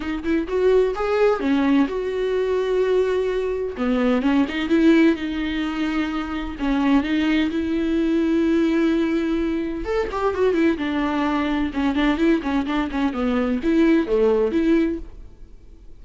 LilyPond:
\new Staff \with { instrumentName = "viola" } { \time 4/4 \tempo 4 = 128 dis'8 e'8 fis'4 gis'4 cis'4 | fis'1 | b4 cis'8 dis'8 e'4 dis'4~ | dis'2 cis'4 dis'4 |
e'1~ | e'4 a'8 g'8 fis'8 e'8 d'4~ | d'4 cis'8 d'8 e'8 cis'8 d'8 cis'8 | b4 e'4 a4 e'4 | }